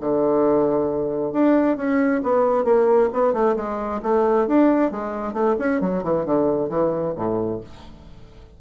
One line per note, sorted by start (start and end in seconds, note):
0.00 1.32 D3
1.32 1.76 D4
1.76 2.21 C#4
2.23 2.64 B3
2.64 3.09 A#3
3.13 3.33 B3
3.33 3.55 A3
3.56 4.01 G#3
4.02 4.47 A3
4.47 4.91 D4
4.91 5.33 G#3
5.33 5.55 A3
5.59 5.81 C#4
5.81 6.03 F#3
6.03 6.25 E3
6.25 6.69 D3
6.69 7.14 E3
7.15 7.60 A2